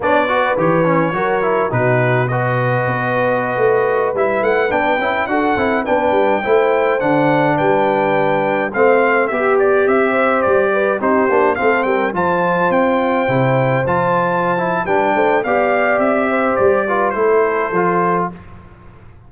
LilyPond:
<<
  \new Staff \with { instrumentName = "trumpet" } { \time 4/4 \tempo 4 = 105 d''4 cis''2 b'4 | dis''2.~ dis''16 e''8 fis''16~ | fis''16 g''4 fis''4 g''4.~ g''16~ | g''16 fis''4 g''2 f''8.~ |
f''16 e''8 d''8 e''4 d''4 c''8.~ | c''16 f''8 g''8 a''4 g''4.~ g''16~ | g''16 a''4.~ a''16 g''4 f''4 | e''4 d''4 c''2 | }
  \new Staff \with { instrumentName = "horn" } { \time 4/4 cis''8 b'4. ais'4 fis'4 | b'1~ | b'4~ b'16 a'4 b'4 c''8.~ | c''4~ c''16 b'2 c''8.~ |
c''16 g'4. c''4 b'8 g'8.~ | g'16 a'8 ais'8 c''2~ c''8.~ | c''2 b'8 c''8 d''4~ | d''8 c''4 b'8 a'2 | }
  \new Staff \with { instrumentName = "trombone" } { \time 4/4 d'8 fis'8 g'8 cis'8 fis'8 e'8 dis'4 | fis'2.~ fis'16 e'8.~ | e'16 d'8 e'8 fis'8 e'8 d'4 e'8.~ | e'16 d'2. c'8.~ |
c'16 g'2. dis'8 d'16~ | d'16 c'4 f'2 e'8.~ | e'16 f'4~ f'16 e'8 d'4 g'4~ | g'4. f'8 e'4 f'4 | }
  \new Staff \with { instrumentName = "tuba" } { \time 4/4 b4 e4 fis4 b,4~ | b,4 b4~ b16 a4 g8 a16~ | a16 b8 cis'8 d'8 c'8 b8 g8 a8.~ | a16 d4 g2 a8.~ |
a16 b4 c'4 g4 c'8 ais16~ | ais16 a8 g8 f4 c'4 c8.~ | c16 f4.~ f16 g8 a8 b4 | c'4 g4 a4 f4 | }
>>